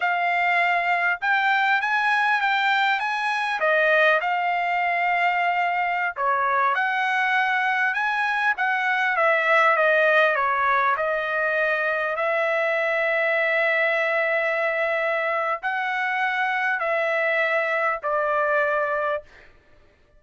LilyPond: \new Staff \with { instrumentName = "trumpet" } { \time 4/4 \tempo 4 = 100 f''2 g''4 gis''4 | g''4 gis''4 dis''4 f''4~ | f''2~ f''16 cis''4 fis''8.~ | fis''4~ fis''16 gis''4 fis''4 e''8.~ |
e''16 dis''4 cis''4 dis''4.~ dis''16~ | dis''16 e''2.~ e''8.~ | e''2 fis''2 | e''2 d''2 | }